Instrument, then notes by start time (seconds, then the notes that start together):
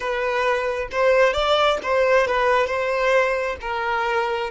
violin
0.00 B4
0.91 C5
1.33 D5
1.82 C5
2.27 B4
2.66 C5
3.61 A#4